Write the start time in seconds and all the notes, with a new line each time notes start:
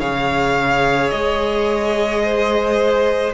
0.00 C#3 G#4 C#5 F5
1.10 G#3 D#5
2.23 C5